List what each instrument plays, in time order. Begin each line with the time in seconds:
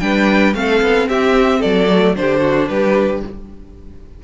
0.00 cello G3, viola D4, violin B4 G5
0.54 cello A3, viola C4, violin A4 F5
0.81 cello B3
1.08 cello C4, violin G4 E5
1.59 cello F#3, violin A4 D5
1.88 viola A3
2.16 cello D3, viola D4, violin G4 C5
2.40 violin F#4
2.69 cello G3, violin G4 B4